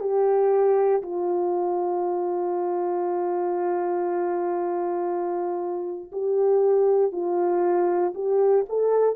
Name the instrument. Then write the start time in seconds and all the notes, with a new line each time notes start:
horn
0.00 G4
1.02 F4
6.12 G4
7.11 F4
8.14 G4
8.69 A4